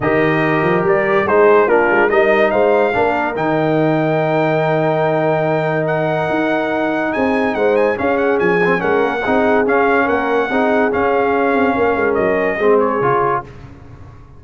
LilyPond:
<<
  \new Staff \with { instrumentName = "trumpet" } { \time 4/4 \tempo 4 = 143 dis''2 d''4 c''4 | ais'4 dis''4 f''2 | g''1~ | g''2 fis''2~ |
fis''4 gis''4 fis''8 gis''8 f''8 fis''8 | gis''4 fis''2 f''4 | fis''2 f''2~ | f''4 dis''4. cis''4. | }
  \new Staff \with { instrumentName = "horn" } { \time 4/4 ais'2. gis'4 | f'4 ais'4 c''4 ais'4~ | ais'1~ | ais'1~ |
ais'4 gis'4 c''4 gis'4~ | gis'4 ais'4 gis'2 | ais'4 gis'2. | ais'2 gis'2 | }
  \new Staff \with { instrumentName = "trombone" } { \time 4/4 g'2. dis'4 | d'4 dis'2 d'4 | dis'1~ | dis'1~ |
dis'2. cis'4~ | cis'8 c'8 cis'4 dis'4 cis'4~ | cis'4 dis'4 cis'2~ | cis'2 c'4 f'4 | }
  \new Staff \with { instrumentName = "tuba" } { \time 4/4 dis4. f8 g4 gis4 | ais8 gis8 g4 gis4 ais4 | dis1~ | dis2. dis'4~ |
dis'4 c'4 gis4 cis'4 | f4 gis8 ais8 c'4 cis'4 | ais4 c'4 cis'4. c'8 | ais8 gis8 fis4 gis4 cis4 | }
>>